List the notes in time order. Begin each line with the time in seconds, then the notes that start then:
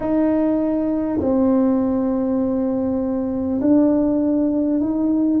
0.00 D#4
1.20 C4
3.61 D4
4.80 D#4